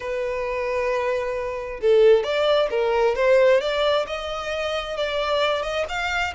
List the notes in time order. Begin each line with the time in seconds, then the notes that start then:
0.00 B4
1.80 A4
2.23 D5
2.70 A#4
3.15 C5
3.60 D5
4.06 D#5
4.96 D5
5.62 D#5
5.88 F5